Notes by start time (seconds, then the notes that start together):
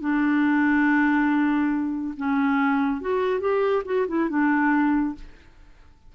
0.00 D4
2.17 C#4
3.01 F#4
3.40 G4
3.85 F#4
4.08 E4
4.29 D4